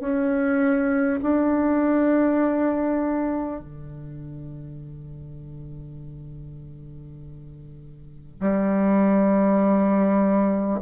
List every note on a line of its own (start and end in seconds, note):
0.00 1.20 C#4
1.22 3.61 D4
3.61 8.41 D3
8.41 10.81 G3